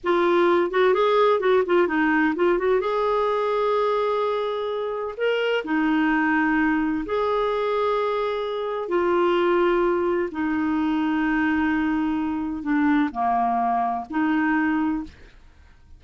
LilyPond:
\new Staff \with { instrumentName = "clarinet" } { \time 4/4 \tempo 4 = 128 f'4. fis'8 gis'4 fis'8 f'8 | dis'4 f'8 fis'8 gis'2~ | gis'2. ais'4 | dis'2. gis'4~ |
gis'2. f'4~ | f'2 dis'2~ | dis'2. d'4 | ais2 dis'2 | }